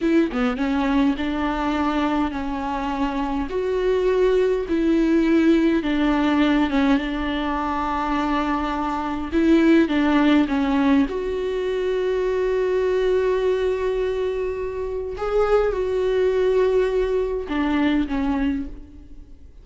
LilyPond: \new Staff \with { instrumentName = "viola" } { \time 4/4 \tempo 4 = 103 e'8 b8 cis'4 d'2 | cis'2 fis'2 | e'2 d'4. cis'8 | d'1 |
e'4 d'4 cis'4 fis'4~ | fis'1~ | fis'2 gis'4 fis'4~ | fis'2 d'4 cis'4 | }